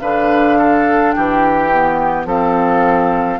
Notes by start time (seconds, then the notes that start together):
0.00 D3 D4 B4 F5
0.58 A4
1.12 E3 G4 G5
1.72 B3
2.25 F3 C4 A4 F5